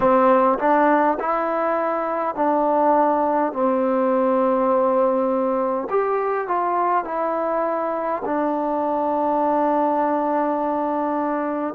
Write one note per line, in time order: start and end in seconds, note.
0.00 0.58 C4
0.59 1.18 D4
1.19 2.35 E4
2.35 3.52 D4
3.52 5.88 C4
5.90 6.47 G4
6.47 7.04 F4
7.04 8.22 E4
8.25 11.74 D4